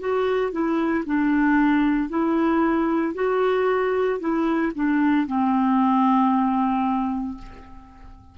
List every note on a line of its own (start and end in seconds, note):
0.00 0.52 F#4
0.52 1.04 E4
1.05 2.09 D4
2.09 3.14 E4
3.14 4.20 F#4
4.20 4.72 E4
4.75 5.27 D4
5.27 7.37 C4